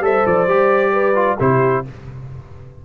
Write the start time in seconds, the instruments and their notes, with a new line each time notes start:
0.00 tuba G3, trombone A4, horn C5, trumpet E5
0.27 tuba F3, trumpet D5
0.47 tuba G3, trombone G4
0.93 horn B4
1.15 trombone F4
1.40 tuba C3, trombone E4, horn G4, trumpet C5